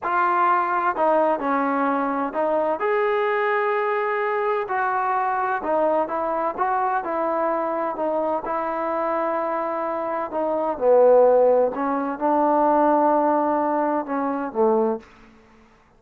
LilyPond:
\new Staff \with { instrumentName = "trombone" } { \time 4/4 \tempo 4 = 128 f'2 dis'4 cis'4~ | cis'4 dis'4 gis'2~ | gis'2 fis'2 | dis'4 e'4 fis'4 e'4~ |
e'4 dis'4 e'2~ | e'2 dis'4 b4~ | b4 cis'4 d'2~ | d'2 cis'4 a4 | }